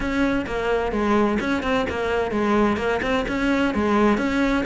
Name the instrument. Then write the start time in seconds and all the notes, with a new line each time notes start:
cello
0.00 C#4
0.46 A#3
0.92 G#3
1.40 C#4
1.62 C4
1.89 A#3
2.31 G#3
2.77 A#3
3.02 C4
3.27 C#4
3.74 G#3
4.17 C#4